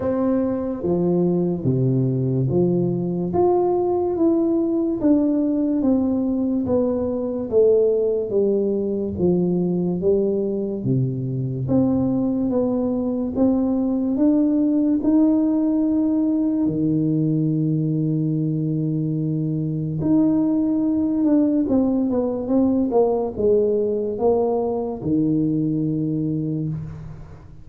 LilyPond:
\new Staff \with { instrumentName = "tuba" } { \time 4/4 \tempo 4 = 72 c'4 f4 c4 f4 | f'4 e'4 d'4 c'4 | b4 a4 g4 f4 | g4 c4 c'4 b4 |
c'4 d'4 dis'2 | dis1 | dis'4. d'8 c'8 b8 c'8 ais8 | gis4 ais4 dis2 | }